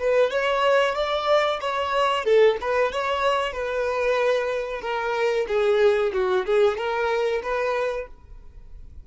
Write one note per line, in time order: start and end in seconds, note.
0.00 0.31 B4
0.31 0.96 C#5
0.96 1.60 D5
1.61 2.25 C#5
2.25 2.57 A4
2.62 2.93 B4
2.93 3.53 C#5
3.53 4.82 B4
4.82 5.47 A#4
5.48 6.13 G#4
6.14 6.46 F#4
6.46 6.78 G#4
6.78 7.42 A#4
7.43 8.08 B4